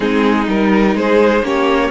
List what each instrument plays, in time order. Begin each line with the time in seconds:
0.00 cello G#3, viola C4, violin D#4 G#4
0.47 cello G3, viola D#4, violin A#4
0.95 cello G#3, violin G#4 C5
1.42 cello A#3, viola C#4, violin G4 C#5